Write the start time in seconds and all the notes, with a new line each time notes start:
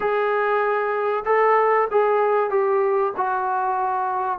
0.00 G#4
1.25 A4
1.90 G#4
2.50 G4
3.16 F#4